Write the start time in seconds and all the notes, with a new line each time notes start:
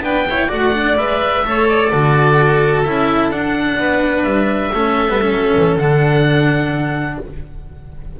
0.00 B3 D4 B4 G5
0.29 E4 C#5
0.48 A3 F#4 D5 F#5
0.73 D4
0.97 G#3 B4 E5
1.45 A3 A4 C#5
1.68 D5
1.90 D3 F#4 A4
2.83 C#4 E4 E5
3.30 D4 F#5
3.78 B3 B4
4.23 G3 E5
4.72 A3 C#4 A4
5.08 G3 B3
5.21 C#4
5.32 F#3
5.56 E3
5.77 D3 D4 F#5